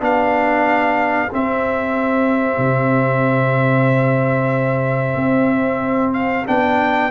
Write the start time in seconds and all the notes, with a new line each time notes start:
0.00 B3 D4 G4 F5
1.32 C4 E5
2.58 C3
5.16 C4
6.14 F5
6.47 B3 D4 G5